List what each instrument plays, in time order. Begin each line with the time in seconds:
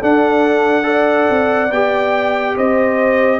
0.00 trombone D4, tuba D4, horn A4, trumpet F#5
0.83 trombone A4, horn D5
1.29 tuba C4
1.71 tuba B3, trombone G4, trumpet G5
2.56 tuba C4, horn C5, trumpet D#5